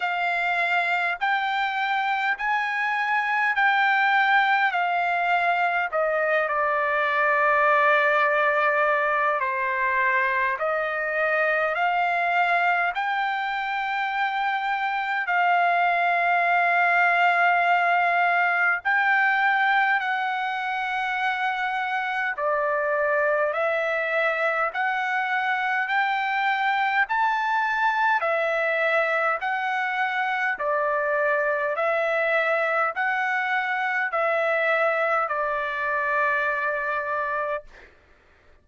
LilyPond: \new Staff \with { instrumentName = "trumpet" } { \time 4/4 \tempo 4 = 51 f''4 g''4 gis''4 g''4 | f''4 dis''8 d''2~ d''8 | c''4 dis''4 f''4 g''4~ | g''4 f''2. |
g''4 fis''2 d''4 | e''4 fis''4 g''4 a''4 | e''4 fis''4 d''4 e''4 | fis''4 e''4 d''2 | }